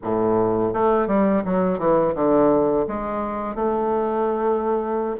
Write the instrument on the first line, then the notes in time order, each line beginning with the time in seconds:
bassoon
0.02 A2
0.73 A3
1.07 G3
1.44 F#3
1.78 E3
2.14 D3
2.87 G#3
3.55 A3